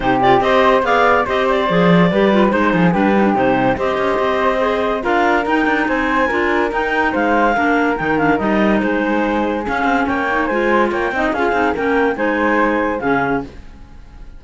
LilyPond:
<<
  \new Staff \with { instrumentName = "clarinet" } { \time 4/4 \tempo 4 = 143 c''8 d''8 dis''4 f''4 dis''8 d''8~ | d''2 c''4 b'4 | c''4 dis''2. | f''4 g''4 gis''2 |
g''4 f''2 g''8 f''8 | dis''4 c''2 f''4 | g''4 gis''4 g''4 f''4 | g''4 gis''2 f''4 | }
  \new Staff \with { instrumentName = "flute" } { \time 4/4 g'4 c''4 d''4 c''4~ | c''4 b'4 c''8 gis'8 g'4~ | g'4 c''2. | ais'2 c''4 ais'4~ |
ais'4 c''4 ais'2~ | ais'4 gis'2. | cis''4 c''4 cis''8 dis''8 gis'4 | ais'4 c''2 gis'4 | }
  \new Staff \with { instrumentName = "clarinet" } { \time 4/4 dis'8 f'8 g'4 gis'4 g'4 | gis'4 g'8 f'8 dis'4 d'8 dis'16 d'16 | dis'4 g'2 gis'4 | f'4 dis'2 f'4 |
dis'2 d'4 dis'8 d'8 | dis'2. cis'4~ | cis'8 dis'8 f'4. dis'8 f'8 dis'8 | cis'4 dis'2 cis'4 | }
  \new Staff \with { instrumentName = "cello" } { \time 4/4 c4 c'4 b4 c'4 | f4 g4 gis8 f8 g4 | c4 c'8 cis'8 c'2 | d'4 dis'8 d'8 c'4 d'4 |
dis'4 gis4 ais4 dis4 | g4 gis2 cis'8 c'8 | ais4 gis4 ais8 c'8 cis'8 c'8 | ais4 gis2 cis4 | }
>>